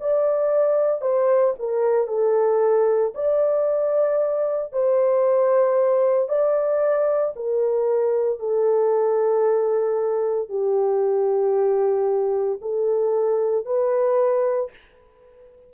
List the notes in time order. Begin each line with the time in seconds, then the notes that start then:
0.00 D5
1.01 C5
1.59 A#4
2.08 A4
3.14 D5
4.72 C5
6.29 D5
7.36 A#4
8.39 A4
10.49 G4
12.61 A4
13.66 B4